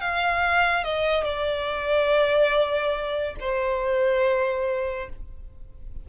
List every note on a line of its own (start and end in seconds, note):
0.00 0.84 F5
0.84 1.24 D#5
1.24 3.35 D5
3.40 5.09 C5